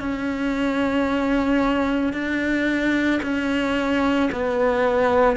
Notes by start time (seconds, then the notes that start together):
0.00 C#4
2.13 D4
3.23 C#4
4.32 B3